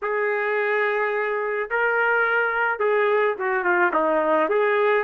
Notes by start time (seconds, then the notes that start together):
0.02 G#4
1.70 A#4
2.79 G#4
3.38 F#4
3.63 F4
3.93 D#4
4.49 G#4